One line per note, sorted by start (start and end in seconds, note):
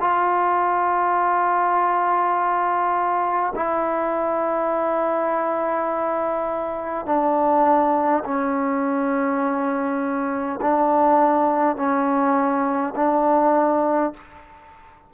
0.00 3.53 F4
3.55 7.05 E4
7.05 8.23 D4
8.24 10.59 C#4
10.61 11.76 D4
11.76 12.94 C#4
12.95 14.13 D4